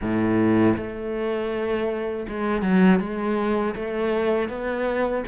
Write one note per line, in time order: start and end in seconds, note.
0.01 0.76 A2
0.76 2.26 A3
2.28 2.62 G#3
2.62 2.99 F#3
2.99 3.74 G#3
3.75 4.48 A3
4.48 5.23 B3